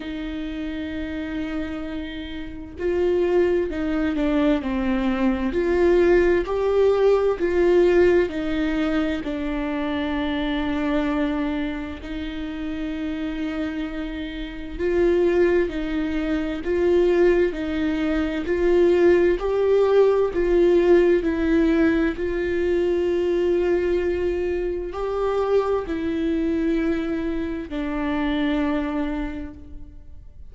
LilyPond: \new Staff \with { instrumentName = "viola" } { \time 4/4 \tempo 4 = 65 dis'2. f'4 | dis'8 d'8 c'4 f'4 g'4 | f'4 dis'4 d'2~ | d'4 dis'2. |
f'4 dis'4 f'4 dis'4 | f'4 g'4 f'4 e'4 | f'2. g'4 | e'2 d'2 | }